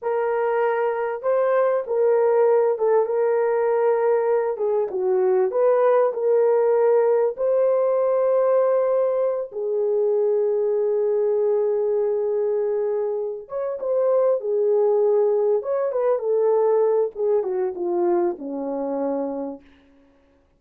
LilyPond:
\new Staff \with { instrumentName = "horn" } { \time 4/4 \tempo 4 = 98 ais'2 c''4 ais'4~ | ais'8 a'8 ais'2~ ais'8 gis'8 | fis'4 b'4 ais'2 | c''2.~ c''8 gis'8~ |
gis'1~ | gis'2 cis''8 c''4 gis'8~ | gis'4. cis''8 b'8 a'4. | gis'8 fis'8 f'4 cis'2 | }